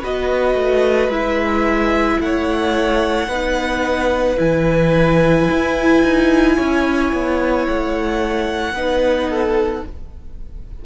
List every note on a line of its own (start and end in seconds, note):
0.00 0.55 B3
0.00 1.11 F#4
0.00 2.18 B4
0.00 1.12 D#5
0.55 1.08 A3
1.08 2.17 G#3
1.08 3.29 E4
1.08 2.21 E5
2.20 3.28 A3
2.20 3.29 C#5
2.20 4.39 F#5
3.28 4.37 B3
3.28 4.36 D#4
3.28 6.56 B4
4.36 5.49 E3
4.36 8.73 E4
4.36 7.67 G#5
5.51 6.03 E4
6.03 6.57 D#4
6.56 7.13 C#4
6.56 8.74 C#5
7.13 7.67 B3
7.67 8.73 A3
7.67 9.85 F#5
8.73 9.82 B3
8.73 9.85 D#4
8.73 9.29 B4
9.29 9.84 A4